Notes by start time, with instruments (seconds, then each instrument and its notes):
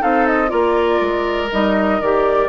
0.00 bassoon C4, clarinet D#4, oboe A4, flute F5
0.26 flute D#5
0.47 bassoon A#3, clarinet F4, oboe A#4, flute D5
1.00 bassoon G#3
1.51 bassoon G3, clarinet D#4, flute D#5
2.01 bassoon D#3, clarinet G4, flute D5